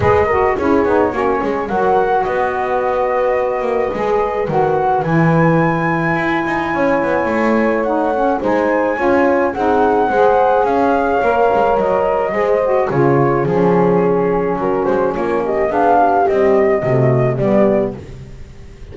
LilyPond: <<
  \new Staff \with { instrumentName = "flute" } { \time 4/4 \tempo 4 = 107 dis''4 cis''2 fis''4 | dis''1 | fis''4 gis''2.~ | gis''2 fis''4 gis''4~ |
gis''4 fis''2 f''4~ | f''4 dis''2 cis''4 | gis'2 ais'8 c''8 cis''8 dis''8 | f''4 dis''2 d''4 | }
  \new Staff \with { instrumentName = "horn" } { \time 4/4 b'8 ais'8 gis'4 fis'8 gis'8 ais'4 | b'1~ | b'1 | cis''2. c''4 |
cis''4 gis'4 c''4 cis''4~ | cis''2 c''4 gis'4~ | gis'2 fis'4 f'8 g'8 | gis'8 g'4. fis'4 g'4 | }
  \new Staff \with { instrumentName = "saxophone" } { \time 4/4 gis'8 fis'8 e'8 dis'8 cis'4 fis'4~ | fis'2. gis'4 | fis'4 e'2.~ | e'2 dis'8 cis'8 dis'4 |
f'4 dis'4 gis'2 | ais'2 gis'8 fis'8 f'4 | cis'1 | d'4 g4 a4 b4 | }
  \new Staff \with { instrumentName = "double bass" } { \time 4/4 gis4 cis'8 b8 ais8 gis8 fis4 | b2~ b8 ais8 gis4 | dis4 e2 e'8 dis'8 | cis'8 b8 a2 gis4 |
cis'4 c'4 gis4 cis'4 | ais8 gis8 fis4 gis4 cis4 | f2 fis8 gis8 ais4 | b4 c'4 c4 g4 | }
>>